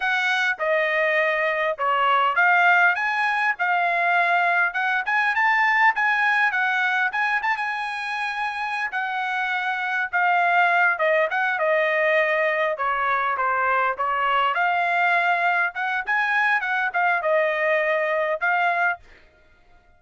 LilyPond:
\new Staff \with { instrumentName = "trumpet" } { \time 4/4 \tempo 4 = 101 fis''4 dis''2 cis''4 | f''4 gis''4 f''2 | fis''8 gis''8 a''4 gis''4 fis''4 | gis''8 a''16 gis''2~ gis''16 fis''4~ |
fis''4 f''4. dis''8 fis''8 dis''8~ | dis''4. cis''4 c''4 cis''8~ | cis''8 f''2 fis''8 gis''4 | fis''8 f''8 dis''2 f''4 | }